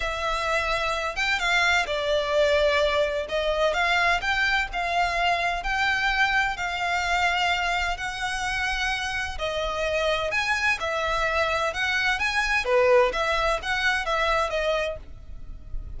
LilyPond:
\new Staff \with { instrumentName = "violin" } { \time 4/4 \tempo 4 = 128 e''2~ e''8 g''8 f''4 | d''2. dis''4 | f''4 g''4 f''2 | g''2 f''2~ |
f''4 fis''2. | dis''2 gis''4 e''4~ | e''4 fis''4 gis''4 b'4 | e''4 fis''4 e''4 dis''4 | }